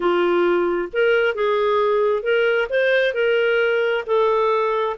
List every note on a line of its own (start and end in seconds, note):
0.00 0.88 F4
0.92 1.35 A#4
1.35 2.22 G#4
2.22 2.67 A#4
2.69 3.14 C5
3.14 4.04 A#4
4.06 4.96 A4